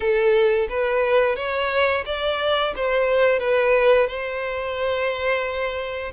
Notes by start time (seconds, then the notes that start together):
0.00 A4
0.69 B4
1.36 C#5
2.05 D5
2.76 C5
3.39 B4
4.07 C5